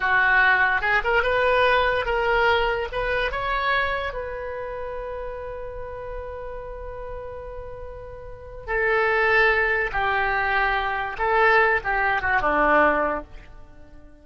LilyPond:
\new Staff \with { instrumentName = "oboe" } { \time 4/4 \tempo 4 = 145 fis'2 gis'8 ais'8 b'4~ | b'4 ais'2 b'4 | cis''2 b'2~ | b'1~ |
b'1~ | b'4 a'2. | g'2. a'4~ | a'8 g'4 fis'8 d'2 | }